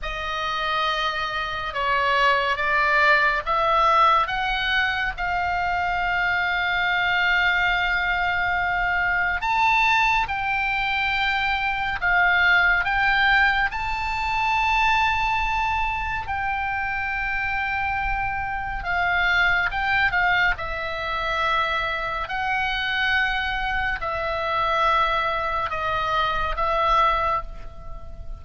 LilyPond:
\new Staff \with { instrumentName = "oboe" } { \time 4/4 \tempo 4 = 70 dis''2 cis''4 d''4 | e''4 fis''4 f''2~ | f''2. a''4 | g''2 f''4 g''4 |
a''2. g''4~ | g''2 f''4 g''8 f''8 | e''2 fis''2 | e''2 dis''4 e''4 | }